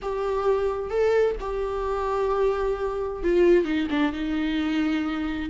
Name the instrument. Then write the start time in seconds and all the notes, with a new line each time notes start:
viola
0.01 G4
0.90 A4
1.40 G4
3.23 F4
3.64 D#4
3.90 D4
4.12 D#4